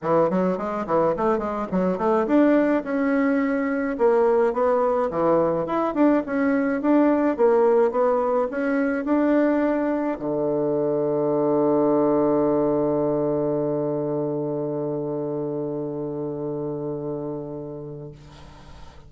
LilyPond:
\new Staff \with { instrumentName = "bassoon" } { \time 4/4 \tempo 4 = 106 e8 fis8 gis8 e8 a8 gis8 fis8 a8 | d'4 cis'2 ais4 | b4 e4 e'8 d'8 cis'4 | d'4 ais4 b4 cis'4 |
d'2 d2~ | d1~ | d1~ | d1 | }